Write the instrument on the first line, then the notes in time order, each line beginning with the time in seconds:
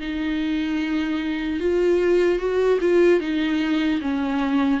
viola
0.00 D#4
1.60 F4
2.38 F#4
2.80 F4
3.20 D#4
4.01 C#4